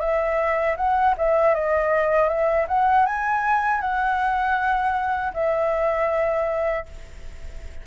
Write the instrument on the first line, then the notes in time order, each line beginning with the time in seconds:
flute
0.00 E5
0.77 F#5
1.17 E5
1.54 D#5
2.29 E5
2.68 F#5
3.06 G#5
3.80 F#5
5.33 E5